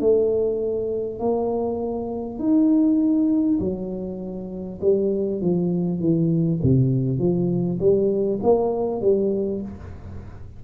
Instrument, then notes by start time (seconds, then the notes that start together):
tuba
0.00 A3
1.19 A#3
2.39 D#4
3.59 F#3
4.81 G3
5.41 F3
6.00 E3
6.63 C3
7.19 F3
7.80 G3
8.43 A#3
9.01 G3